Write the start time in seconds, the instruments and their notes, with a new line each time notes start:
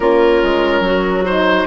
0.00 bassoon A#3, horn C#4, clarinet F4, oboe A#4
0.43 bassoon G#3
0.80 bassoon F#3, clarinet F#4
1.25 horn D#4, oboe C5